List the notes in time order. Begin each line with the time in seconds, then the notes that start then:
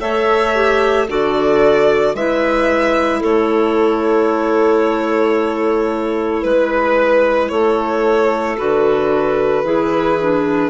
0.00 A3 A4 C#5 E5
0.54 G4
1.08 D3 F#4 A4 D5
2.15 G#3 E4 B4 E5
3.20 A3 A4 C#5
6.42 G#3 B4
7.49 A3 A4 C#5
8.58 D3 F#4 B4
9.63 E3 E4 G#4
10.21 D4